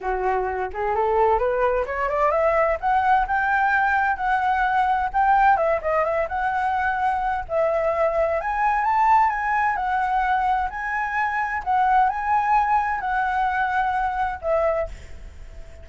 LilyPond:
\new Staff \with { instrumentName = "flute" } { \time 4/4 \tempo 4 = 129 fis'4. gis'8 a'4 b'4 | cis''8 d''8 e''4 fis''4 g''4~ | g''4 fis''2 g''4 | e''8 dis''8 e''8 fis''2~ fis''8 |
e''2 gis''4 a''4 | gis''4 fis''2 gis''4~ | gis''4 fis''4 gis''2 | fis''2. e''4 | }